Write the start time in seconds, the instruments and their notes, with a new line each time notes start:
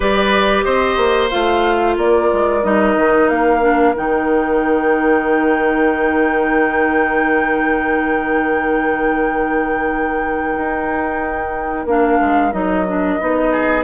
0.00 bassoon G3, clarinet G4, oboe B4, flute D5
0.62 bassoon C4, oboe C5, flute D#5
0.97 bassoon A#3
1.30 bassoon A3, clarinet F4, flute F5
1.96 bassoon A#3, oboe A#4, flute D5
2.33 bassoon G#3
2.63 bassoon G3, clarinet D#4, flute D#5
2.96 bassoon D#3
3.28 bassoon A#3, flute F5
3.61 clarinet D4
3.95 bassoon D#3, clarinet D#4, flute G5
10.57 bassoon D#4
11.85 bassoon A#3, clarinet D4, flute F5
12.20 bassoon G#3
12.52 bassoon F#3, clarinet D#4, flute D#5
12.87 clarinet D4
13.19 bassoon B3, clarinet D#4
13.52 oboe G#4